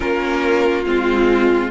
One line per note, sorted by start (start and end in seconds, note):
0.00 0.86 A#3
0.00 0.84 C#4
0.00 1.71 F4
0.00 0.84 A#4
0.85 1.71 G#3
0.85 1.71 C4
0.85 1.71 F4